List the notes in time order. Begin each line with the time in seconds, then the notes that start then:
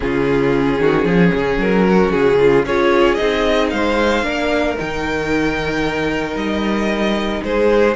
0.00 C#3 C#4 F4 G#4
0.79 D#3 F#4
1.04 F3 G#4
1.35 C#3
1.57 F#3 A#4
1.89 F#4
2.12 C#3 G#4
2.38 F4
2.64 C#4 F4 G#4 C#5
3.14 C4 D#4 D#5
3.70 G#3 C5 F5
4.22 A#3 D4 A#4
4.77 D#3 D#4 G5
6.35 G3 D#5
7.43 G#3 G#4 C5